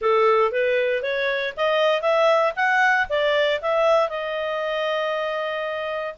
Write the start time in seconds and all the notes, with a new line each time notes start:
0.01 A4
0.51 B4
1.02 C#5
1.56 D#5
2.01 E5
2.55 F#5
3.09 D5
3.61 E5
4.09 D#5